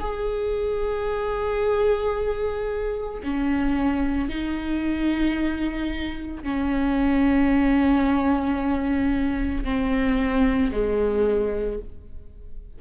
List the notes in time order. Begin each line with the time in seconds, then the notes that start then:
0.00 G#4
3.23 C#4
4.29 D#4
6.43 C#4
9.64 C4
10.71 G#3